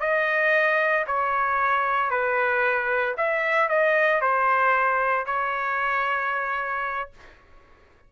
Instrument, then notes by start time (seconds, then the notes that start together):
trumpet
0.00 D#5
1.07 C#5
2.11 B4
3.17 E5
3.69 D#5
4.21 C5
5.26 C#5